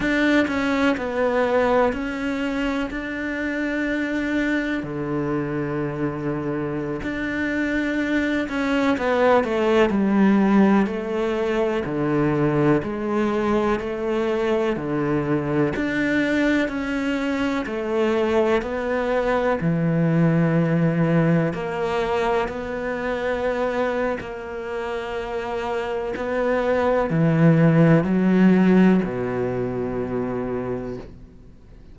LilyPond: \new Staff \with { instrumentName = "cello" } { \time 4/4 \tempo 4 = 62 d'8 cis'8 b4 cis'4 d'4~ | d'4 d2~ d16 d'8.~ | d'8. cis'8 b8 a8 g4 a8.~ | a16 d4 gis4 a4 d8.~ |
d16 d'4 cis'4 a4 b8.~ | b16 e2 ais4 b8.~ | b4 ais2 b4 | e4 fis4 b,2 | }